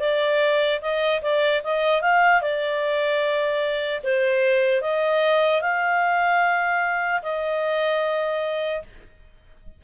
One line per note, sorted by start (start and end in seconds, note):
0.00 0.80 D5
0.81 1.21 D#5
1.22 1.62 D5
1.64 2.02 D#5
2.02 2.42 F5
2.42 4.02 D5
4.04 4.82 C5
4.82 5.62 D#5
5.62 7.22 F5
7.23 8.83 D#5